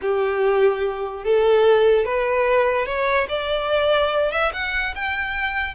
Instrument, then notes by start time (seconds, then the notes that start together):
violin
0.01 G4
1.24 A4
2.05 B4
2.86 C#5
3.29 D5
4.31 E5
4.53 F#5
4.95 G5